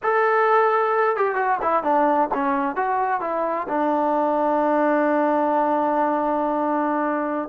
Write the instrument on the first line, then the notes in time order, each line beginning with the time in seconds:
trombone
0.03 A4
1.16 G4
1.35 F#4
1.62 E4
1.83 D4
2.34 C#4
2.75 F#4
3.21 E4
3.68 D4